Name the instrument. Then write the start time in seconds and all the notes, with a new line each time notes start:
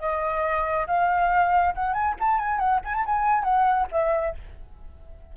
flute
0.00 D#5
0.88 F5
1.75 F#5
1.94 G#5
2.20 A5
2.39 G#5
2.59 F#5
2.85 G#5
2.95 A5
3.06 G#5
3.44 F#5
3.92 E5